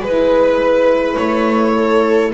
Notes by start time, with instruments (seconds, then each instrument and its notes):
0.00 double bass G#3, saxophone E4, viola B4, violin B4
1.16 double bass A3, violin C#5
1.76 viola A4